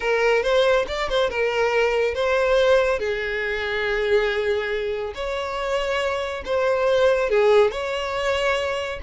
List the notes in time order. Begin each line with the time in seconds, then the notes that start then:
0.00 A#4
0.42 C5
0.87 D5
1.09 C5
1.30 A#4
2.14 C5
2.99 G#4
5.14 C#5
6.45 C5
7.29 G#4
7.71 C#5